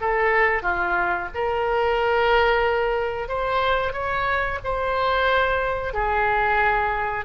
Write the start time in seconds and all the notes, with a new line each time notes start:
0.00 A4
0.62 F4
1.34 A#4
3.28 C5
3.93 C#5
4.64 C5
5.93 G#4